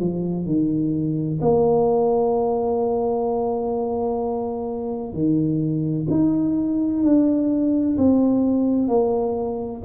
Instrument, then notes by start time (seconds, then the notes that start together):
tuba
0.00 F3
0.46 D#3
1.41 A#3
5.13 D#3
6.10 D#4
7.03 D4
7.98 C4
8.88 A#3